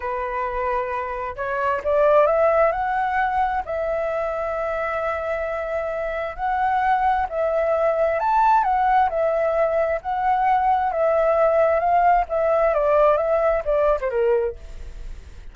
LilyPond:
\new Staff \with { instrumentName = "flute" } { \time 4/4 \tempo 4 = 132 b'2. cis''4 | d''4 e''4 fis''2 | e''1~ | e''2 fis''2 |
e''2 a''4 fis''4 | e''2 fis''2 | e''2 f''4 e''4 | d''4 e''4 d''8. c''16 ais'4 | }